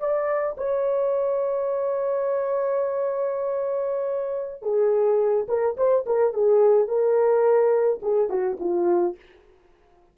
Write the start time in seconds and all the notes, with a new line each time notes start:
0.00 D5
0.58 C#5
4.63 G#4
5.48 A#4
5.77 C5
6.07 A#4
6.34 G#4
6.88 A#4
8.02 G#4
8.29 F#4
8.60 F4